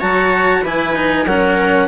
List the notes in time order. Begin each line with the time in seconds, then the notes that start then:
0.00 F#3 F#4 C#5 A5
0.62 E3 E4 B4 G#5
0.96 D#4
1.26 F#3 C#4 A#4 F#5